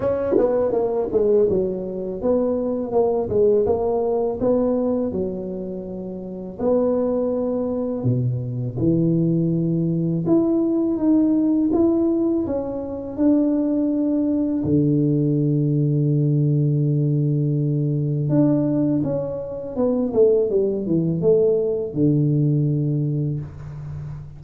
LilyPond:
\new Staff \with { instrumentName = "tuba" } { \time 4/4 \tempo 4 = 82 cis'8 b8 ais8 gis8 fis4 b4 | ais8 gis8 ais4 b4 fis4~ | fis4 b2 b,4 | e2 e'4 dis'4 |
e'4 cis'4 d'2 | d1~ | d4 d'4 cis'4 b8 a8 | g8 e8 a4 d2 | }